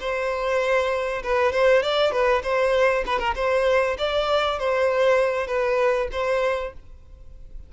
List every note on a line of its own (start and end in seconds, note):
0.00 1.22 C5
1.23 1.52 B4
1.52 1.83 C5
1.83 2.12 D5
2.12 2.42 B4
2.43 3.04 C5
3.06 3.19 B4
3.19 3.34 A#4
3.35 3.97 C5
3.98 4.59 D5
4.59 5.47 C5
5.47 6.08 B4
6.12 6.73 C5